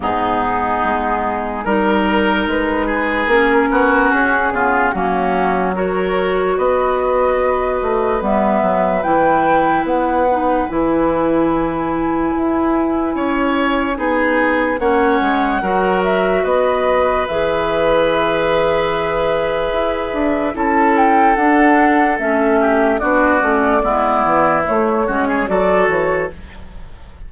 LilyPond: <<
  \new Staff \with { instrumentName = "flute" } { \time 4/4 \tempo 4 = 73 gis'2 ais'4 b'4 | ais'4 gis'4 fis'4 cis''4 | dis''2 e''4 g''4 | fis''4 gis''2.~ |
gis''2 fis''4. e''8 | dis''4 e''2.~ | e''4 a''8 g''8 fis''4 e''4 | d''2 cis''4 d''8 cis''8 | }
  \new Staff \with { instrumentName = "oboe" } { \time 4/4 dis'2 ais'4. gis'8~ | gis'8 fis'4 f'8 cis'4 ais'4 | b'1~ | b'1 |
cis''4 gis'4 cis''4 ais'4 | b'1~ | b'4 a'2~ a'8 g'8 | fis'4 e'4. fis'16 gis'16 a'4 | }
  \new Staff \with { instrumentName = "clarinet" } { \time 4/4 b2 dis'2 | cis'4. b8 ais4 fis'4~ | fis'2 b4 e'4~ | e'8 dis'8 e'2.~ |
e'4 dis'4 cis'4 fis'4~ | fis'4 gis'2.~ | gis'4 e'4 d'4 cis'4 | d'8 cis'8 b4 a8 cis'8 fis'4 | }
  \new Staff \with { instrumentName = "bassoon" } { \time 4/4 gis,4 gis4 g4 gis4 | ais8 b8 cis'8 cis8 fis2 | b4. a8 g8 fis8 e4 | b4 e2 e'4 |
cis'4 b4 ais8 gis8 fis4 | b4 e2. | e'8 d'8 cis'4 d'4 a4 | b8 a8 gis8 e8 a8 gis8 fis8 e8 | }
>>